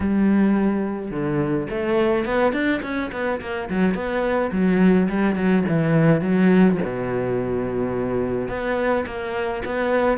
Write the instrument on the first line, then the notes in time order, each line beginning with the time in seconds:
cello
0.00 G3
1.10 D3
1.70 A3
2.25 B3
2.53 D4
2.82 C#4
3.12 B3
3.40 A#3
3.69 F#3
3.94 B3
4.51 F#3
5.08 G3
5.35 F#3
5.68 E3
6.21 F#3
6.84 B2
8.48 B3
9.06 A#3
9.65 B3